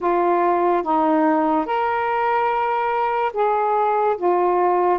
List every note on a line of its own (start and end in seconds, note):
0.00 0.82 F4
0.82 1.65 D#4
1.65 3.32 A#4
3.33 4.16 G#4
4.17 4.98 F4